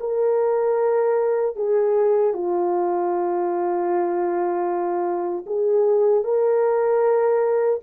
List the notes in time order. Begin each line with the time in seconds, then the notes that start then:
0.00 A#4
1.56 G#4
2.33 F4
5.46 G#4
6.24 A#4